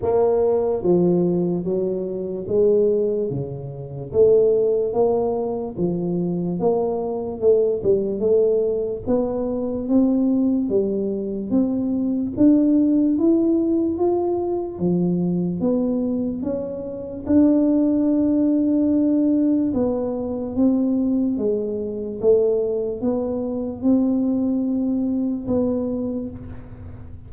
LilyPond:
\new Staff \with { instrumentName = "tuba" } { \time 4/4 \tempo 4 = 73 ais4 f4 fis4 gis4 | cis4 a4 ais4 f4 | ais4 a8 g8 a4 b4 | c'4 g4 c'4 d'4 |
e'4 f'4 f4 b4 | cis'4 d'2. | b4 c'4 gis4 a4 | b4 c'2 b4 | }